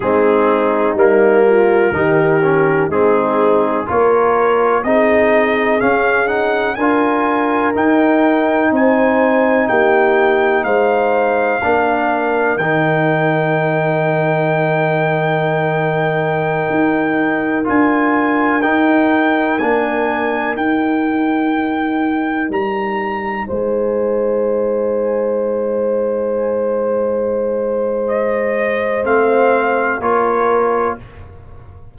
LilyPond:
<<
  \new Staff \with { instrumentName = "trumpet" } { \time 4/4 \tempo 4 = 62 gis'4 ais'2 gis'4 | cis''4 dis''4 f''8 fis''8 gis''4 | g''4 gis''4 g''4 f''4~ | f''4 g''2.~ |
g''2~ g''16 gis''4 g''8.~ | g''16 gis''4 g''2 ais''8.~ | ais''16 gis''2.~ gis''8.~ | gis''4 dis''4 f''4 cis''4 | }
  \new Staff \with { instrumentName = "horn" } { \time 4/4 dis'4. f'8 g'4 dis'4 | ais'4 gis'2 ais'4~ | ais'4 c''4 g'4 c''4 | ais'1~ |
ais'1~ | ais'1~ | ais'16 c''2.~ c''8.~ | c''2. ais'4 | }
  \new Staff \with { instrumentName = "trombone" } { \time 4/4 c'4 ais4 dis'8 cis'8 c'4 | f'4 dis'4 cis'8 dis'8 f'4 | dis'1 | d'4 dis'2.~ |
dis'2~ dis'16 f'4 dis'8.~ | dis'16 d'4 dis'2~ dis'8.~ | dis'1~ | dis'2 c'4 f'4 | }
  \new Staff \with { instrumentName = "tuba" } { \time 4/4 gis4 g4 dis4 gis4 | ais4 c'4 cis'4 d'4 | dis'4 c'4 ais4 gis4 | ais4 dis2.~ |
dis4~ dis16 dis'4 d'4 dis'8.~ | dis'16 ais4 dis'2 g8.~ | g16 gis2.~ gis8.~ | gis2 a4 ais4 | }
>>